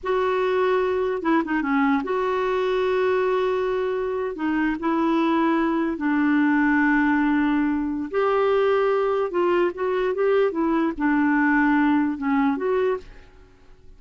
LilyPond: \new Staff \with { instrumentName = "clarinet" } { \time 4/4 \tempo 4 = 148 fis'2. e'8 dis'8 | cis'4 fis'2.~ | fis'2~ fis'8. dis'4 e'16~ | e'2~ e'8. d'4~ d'16~ |
d'1 | g'2. f'4 | fis'4 g'4 e'4 d'4~ | d'2 cis'4 fis'4 | }